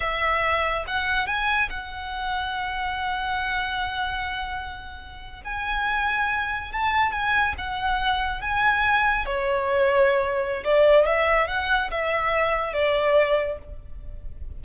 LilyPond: \new Staff \with { instrumentName = "violin" } { \time 4/4 \tempo 4 = 141 e''2 fis''4 gis''4 | fis''1~ | fis''1~ | fis''8. gis''2. a''16~ |
a''8. gis''4 fis''2 gis''16~ | gis''4.~ gis''16 cis''2~ cis''16~ | cis''4 d''4 e''4 fis''4 | e''2 d''2 | }